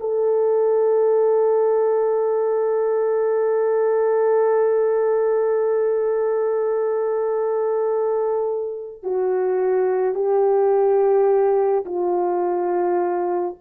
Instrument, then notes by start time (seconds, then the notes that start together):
horn
0.00 A4
9.03 F#4
10.14 G4
11.86 F4